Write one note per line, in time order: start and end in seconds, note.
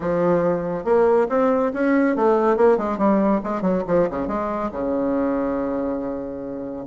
0.00 0.84 F3
0.84 1.27 A#3
1.29 1.72 C4
1.73 2.16 C#4
2.16 2.56 A3
2.56 2.77 A#3
2.77 2.97 G#3
2.97 3.40 G3
3.43 3.61 G#3
3.61 3.83 F#3
3.87 4.08 F3
4.09 4.27 C#3
4.27 4.70 G#3
4.71 6.85 C#3